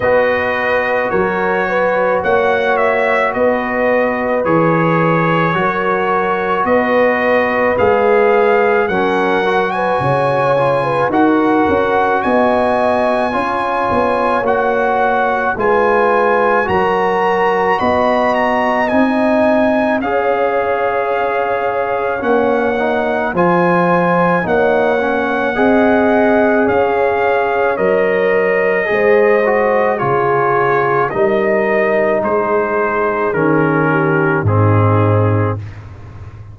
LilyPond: <<
  \new Staff \with { instrumentName = "trumpet" } { \time 4/4 \tempo 4 = 54 dis''4 cis''4 fis''8 e''8 dis''4 | cis''2 dis''4 f''4 | fis''8. gis''4~ gis''16 fis''4 gis''4~ | gis''4 fis''4 gis''4 ais''4 |
b''8 ais''8 gis''4 f''2 | fis''4 gis''4 fis''2 | f''4 dis''2 cis''4 | dis''4 c''4 ais'4 gis'4 | }
  \new Staff \with { instrumentName = "horn" } { \time 4/4 b'4 ais'8 b'8 cis''4 b'4~ | b'4 ais'4 b'2 | ais'8. b'16 cis''8. b'16 ais'4 dis''4 | cis''2 b'4 ais'4 |
dis''2 cis''2~ | cis''4 c''4 cis''4 dis''4 | cis''2 c''4 gis'4 | ais'4 gis'4. g'8 dis'4 | }
  \new Staff \with { instrumentName = "trombone" } { \time 4/4 fis'1 | gis'4 fis'2 gis'4 | cis'8 fis'4 f'8 fis'2 | f'4 fis'4 f'4 fis'4~ |
fis'4 dis'4 gis'2 | cis'8 dis'8 f'4 dis'8 cis'8 gis'4~ | gis'4 ais'4 gis'8 fis'8 f'4 | dis'2 cis'4 c'4 | }
  \new Staff \with { instrumentName = "tuba" } { \time 4/4 b4 fis4 ais4 b4 | e4 fis4 b4 gis4 | fis4 cis4 dis'8 cis'8 b4 | cis'8 b8 ais4 gis4 fis4 |
b4 c'4 cis'2 | ais4 f4 ais4 c'4 | cis'4 fis4 gis4 cis4 | g4 gis4 dis4 gis,4 | }
>>